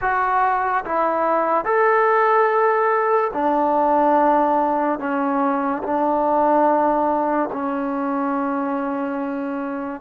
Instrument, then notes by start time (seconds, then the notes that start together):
trombone
0.01 F#4
0.84 E4
1.64 A4
3.33 D4
4.99 C#4
5.83 D4
7.52 C#4